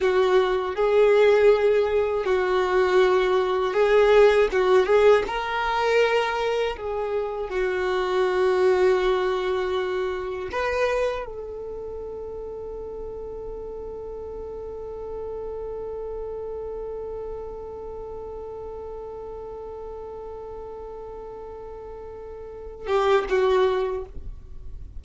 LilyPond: \new Staff \with { instrumentName = "violin" } { \time 4/4 \tempo 4 = 80 fis'4 gis'2 fis'4~ | fis'4 gis'4 fis'8 gis'8 ais'4~ | ais'4 gis'4 fis'2~ | fis'2 b'4 a'4~ |
a'1~ | a'1~ | a'1~ | a'2~ a'8 g'8 fis'4 | }